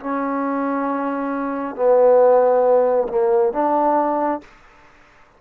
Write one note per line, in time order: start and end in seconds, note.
0.00 1.75 C#4
1.75 3.08 B3
3.08 3.53 A#3
3.53 4.41 D4